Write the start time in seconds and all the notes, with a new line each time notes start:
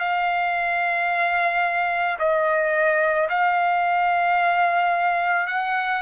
0.00 F5
2.19 D#5
3.30 F5
5.47 F#5